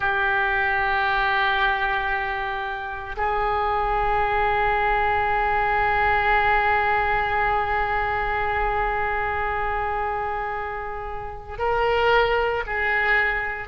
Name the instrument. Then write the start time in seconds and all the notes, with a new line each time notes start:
oboe
0.00 G4
3.16 G#4
11.58 A#4
12.66 G#4